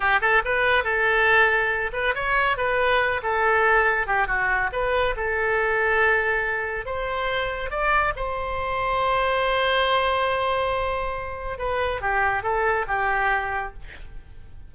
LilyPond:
\new Staff \with { instrumentName = "oboe" } { \time 4/4 \tempo 4 = 140 g'8 a'8 b'4 a'2~ | a'8 b'8 cis''4 b'4. a'8~ | a'4. g'8 fis'4 b'4 | a'1 |
c''2 d''4 c''4~ | c''1~ | c''2. b'4 | g'4 a'4 g'2 | }